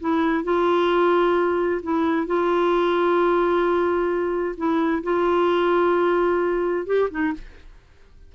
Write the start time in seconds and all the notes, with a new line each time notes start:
0.00 E4
0.44 F4
1.83 E4
2.27 F4
4.57 E4
5.03 F4
6.86 G4
7.10 D#4